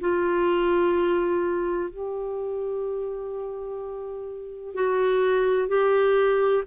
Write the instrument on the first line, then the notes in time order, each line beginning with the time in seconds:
clarinet
0.00 F4
1.90 G4
4.74 F#4
5.68 G4